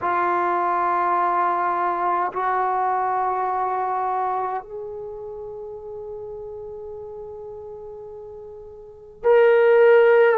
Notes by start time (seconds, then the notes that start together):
0.01 F4
2.32 F#4
4.62 G#4
9.23 A#4